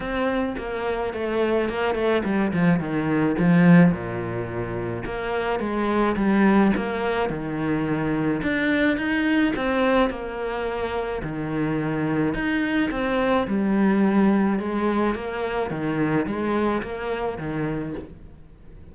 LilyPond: \new Staff \with { instrumentName = "cello" } { \time 4/4 \tempo 4 = 107 c'4 ais4 a4 ais8 a8 | g8 f8 dis4 f4 ais,4~ | ais,4 ais4 gis4 g4 | ais4 dis2 d'4 |
dis'4 c'4 ais2 | dis2 dis'4 c'4 | g2 gis4 ais4 | dis4 gis4 ais4 dis4 | }